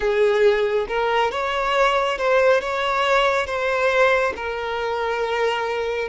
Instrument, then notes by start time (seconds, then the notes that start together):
violin
0.00 G#4
0.88 A#4
1.30 C#5
2.17 C5
2.60 C#5
3.46 C5
4.36 A#4